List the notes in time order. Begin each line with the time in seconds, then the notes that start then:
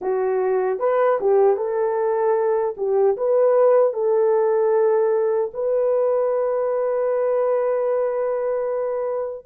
0.01 F#4
0.79 B4
1.20 G4
1.56 A4
2.77 G4
3.16 B4
3.93 A4
5.53 B4